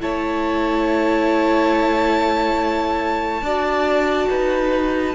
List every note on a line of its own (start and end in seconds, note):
0.00 3.42 A3
0.00 3.43 E4
0.00 3.43 C#5
0.00 5.15 A5
3.42 4.27 D4
3.42 5.15 F#4
3.42 4.29 D5
4.29 5.15 D#4
4.29 5.15 B4